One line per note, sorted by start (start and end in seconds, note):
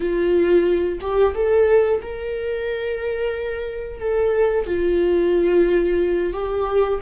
0.00 0.98 F4
1.00 1.34 G4
1.34 2.01 A4
2.02 4.00 A#4
4.00 4.66 A4
4.66 6.33 F4
6.33 6.99 G4